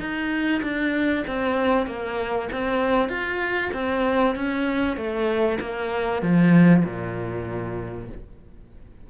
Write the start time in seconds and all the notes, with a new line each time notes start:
0.00 D#4
0.63 D4
1.28 C4
1.87 A#3
2.52 C4
3.09 F4
3.74 C4
4.36 C#4
4.97 A3
5.61 A#3
6.22 F3
6.85 A#2